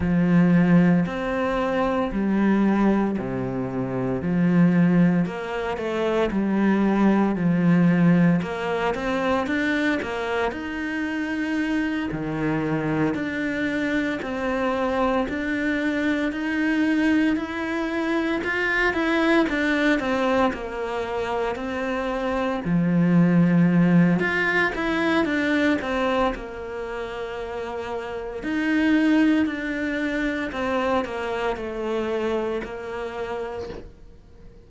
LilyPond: \new Staff \with { instrumentName = "cello" } { \time 4/4 \tempo 4 = 57 f4 c'4 g4 c4 | f4 ais8 a8 g4 f4 | ais8 c'8 d'8 ais8 dis'4. dis8~ | dis8 d'4 c'4 d'4 dis'8~ |
dis'8 e'4 f'8 e'8 d'8 c'8 ais8~ | ais8 c'4 f4. f'8 e'8 | d'8 c'8 ais2 dis'4 | d'4 c'8 ais8 a4 ais4 | }